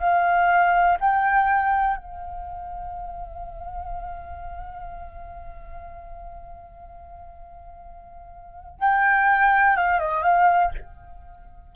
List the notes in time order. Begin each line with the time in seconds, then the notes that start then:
0.00 F5
1.00 G5
1.97 F5
8.79 G5
9.76 F5
9.99 D#5
10.23 F5